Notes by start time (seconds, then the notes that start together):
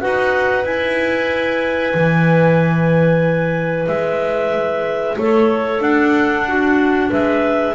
0.00 D#4 F#4 B4 F#5
0.64 E4 G#5
1.94 E3
3.87 G#3 E5
5.18 A3 A4 C#5
5.80 D4 F#5
6.48 F#4
7.09 G#3 B4 E5